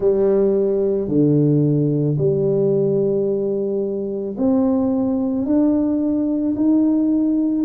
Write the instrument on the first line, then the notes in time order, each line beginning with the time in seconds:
tuba
0.00 G3
1.08 D3
2.18 G3
4.37 C4
5.45 D4
6.56 D#4